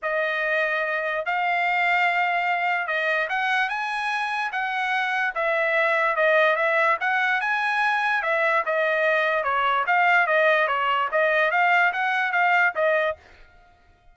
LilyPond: \new Staff \with { instrumentName = "trumpet" } { \time 4/4 \tempo 4 = 146 dis''2. f''4~ | f''2. dis''4 | fis''4 gis''2 fis''4~ | fis''4 e''2 dis''4 |
e''4 fis''4 gis''2 | e''4 dis''2 cis''4 | f''4 dis''4 cis''4 dis''4 | f''4 fis''4 f''4 dis''4 | }